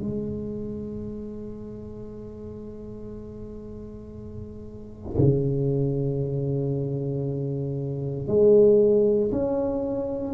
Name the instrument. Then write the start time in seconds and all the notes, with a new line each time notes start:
tuba
0.00 G#3
5.18 C#3
8.28 G#3
9.32 C#4